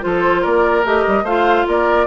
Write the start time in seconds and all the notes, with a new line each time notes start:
0.00 F3 F4 A4 C5
0.41 A#3 A#4 D5
0.84 A3 G4 D#5
1.07 G3
1.23 A3 F4 C5 F5
1.67 A#3 A#4 D5